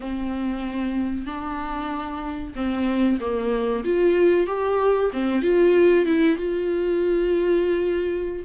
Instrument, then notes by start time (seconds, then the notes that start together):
viola
0.00 C4
1.26 D4
2.55 C4
3.20 A#3
3.84 F4
4.47 G4
5.12 C4
5.41 F4
6.05 E4
6.36 F4